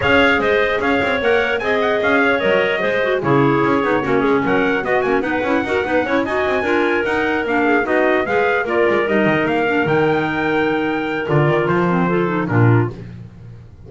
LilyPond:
<<
  \new Staff \with { instrumentName = "trumpet" } { \time 4/4 \tempo 4 = 149 f''4 dis''4 f''4 fis''4 | gis''8 fis''8 f''4 dis''2 | cis''2. fis''4 | dis''8 gis''8 fis''2~ fis''8 gis''8~ |
gis''4. fis''4 f''4 dis''8~ | dis''8 f''4 d''4 dis''4 f''8~ | f''8 g''2.~ g''8 | d''4 c''2 ais'4 | }
  \new Staff \with { instrumentName = "clarinet" } { \time 4/4 cis''4 c''4 cis''2 | dis''4. cis''4. c''4 | gis'2 fis'8 gis'8 ais'4 | fis'4 b'4 ais'8 b'8 cis''8 dis''8~ |
dis''8 ais'2~ ais'8 gis'8 fis'8~ | fis'8 b'4 ais'2~ ais'8~ | ais'1~ | ais'2 a'4 f'4 | }
  \new Staff \with { instrumentName = "clarinet" } { \time 4/4 gis'2. ais'4 | gis'2 ais'4 gis'8 fis'8 | e'4. dis'8 cis'2 | b8 cis'8 dis'8 e'8 fis'8 dis'8 e'8 fis'8~ |
fis'8 f'4 dis'4 d'4 dis'8~ | dis'8 gis'4 f'4 dis'4. | d'8 dis'2.~ dis'8 | f'4. c'8 f'8 dis'8 d'4 | }
  \new Staff \with { instrumentName = "double bass" } { \time 4/4 cis'4 gis4 cis'8 c'8 ais4 | c'4 cis'4 fis4 gis4 | cis4 cis'8 b8 ais8 gis8 fis4 | b8 ais8 b8 cis'8 dis'8 b8 cis'8 dis'8 |
c'8 d'4 dis'4 ais4 b8~ | b8 gis4 ais8 gis8 g8 dis8 ais8~ | ais8 dis2.~ dis8 | d8 dis8 f2 ais,4 | }
>>